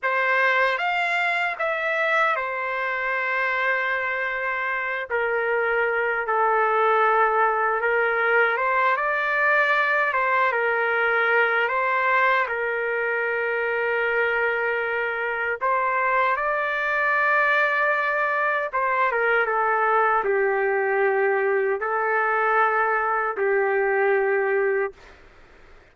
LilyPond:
\new Staff \with { instrumentName = "trumpet" } { \time 4/4 \tempo 4 = 77 c''4 f''4 e''4 c''4~ | c''2~ c''8 ais'4. | a'2 ais'4 c''8 d''8~ | d''4 c''8 ais'4. c''4 |
ais'1 | c''4 d''2. | c''8 ais'8 a'4 g'2 | a'2 g'2 | }